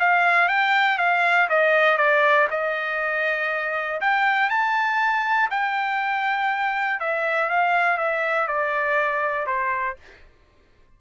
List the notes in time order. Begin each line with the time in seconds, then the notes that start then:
0.00 F5
0.49 G5
0.98 F5
1.50 D#5
1.98 D5
2.51 D#5
4.01 G5
4.50 A5
5.51 G5
7.00 E5
7.50 F5
7.98 E5
8.48 D5
9.47 C5